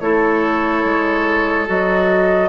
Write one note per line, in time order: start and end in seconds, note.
0.00 0.84 A3
0.00 1.66 E4
0.00 2.49 A4
0.00 1.67 C#5
0.85 1.68 G#3
1.66 2.49 F#3
1.66 2.49 F#4
1.66 2.49 D#5